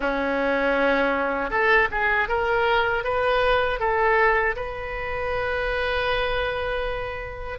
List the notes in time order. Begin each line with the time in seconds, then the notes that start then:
0.00 C#4
1.50 A4
1.91 G#4
2.28 A#4
3.04 B4
3.79 A4
4.56 B4